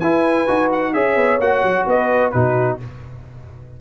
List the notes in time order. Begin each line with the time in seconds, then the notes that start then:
0.00 E4 B4 G#5
0.48 D#4 F#4
0.73 F#5
0.94 C#4 G#4 C#5 E5
1.16 B3
1.40 A#3 F#4 F#5
1.63 F#3
1.87 B3 B4 D#5
2.31 B2 D#4 F#4 B4